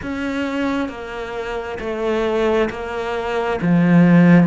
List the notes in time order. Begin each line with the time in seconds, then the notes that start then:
0.02 C#4
0.88 A#3
1.79 A3
2.70 A#3
3.61 F3